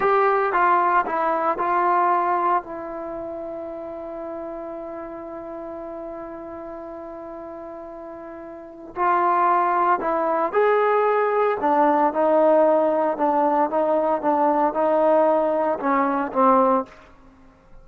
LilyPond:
\new Staff \with { instrumentName = "trombone" } { \time 4/4 \tempo 4 = 114 g'4 f'4 e'4 f'4~ | f'4 e'2.~ | e'1~ | e'1~ |
e'4 f'2 e'4 | gis'2 d'4 dis'4~ | dis'4 d'4 dis'4 d'4 | dis'2 cis'4 c'4 | }